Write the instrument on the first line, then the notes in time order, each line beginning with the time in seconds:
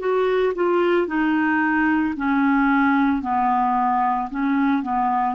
clarinet
0.00 F#4
0.55 F4
1.08 D#4
2.17 C#4
3.22 B3
4.31 C#4
4.83 B3